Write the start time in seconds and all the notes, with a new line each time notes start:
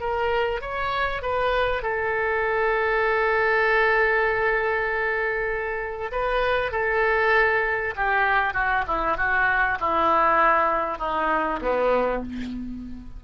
0.00 A#4
0.62 C#5
1.22 B4
1.83 A4
6.12 B4
6.72 A4
7.96 G4
8.54 F#4
8.87 E4
9.18 F#4
9.80 E4
10.98 D#4
11.62 B3